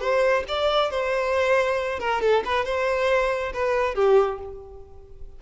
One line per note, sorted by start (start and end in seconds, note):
0.00 0.44 C5
0.48 0.91 D5
0.91 1.99 C5
1.99 2.21 A#4
2.21 2.43 A4
2.45 2.65 B4
2.65 3.52 C5
3.53 3.95 B4
3.95 4.39 G4